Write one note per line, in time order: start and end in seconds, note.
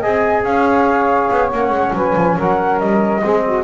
0.00 0.44 C4
0.00 1.52 G#4
0.00 0.43 D#5
0.00 0.44 G#5
0.44 1.29 C#4
0.44 1.94 C#5
0.44 1.51 F5
1.30 1.52 B3
1.52 1.70 A#3
1.52 3.22 C#4
1.52 1.95 F#5
1.70 1.91 G#3
1.93 2.14 F#3
1.93 2.37 B4
1.93 2.39 G#5
2.15 2.37 F3
2.37 2.80 F#3
2.37 3.22 A#4
2.37 2.79 F#5
2.79 3.22 G3
2.79 3.64 D#5
3.22 3.64 G#3
3.22 3.64 C4
3.22 3.44 G#4
3.44 3.64 F#4